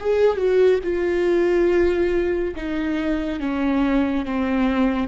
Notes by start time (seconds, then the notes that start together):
0.00 G#4
0.37 F#4
0.83 F4
2.56 D#4
3.40 C#4
4.25 C4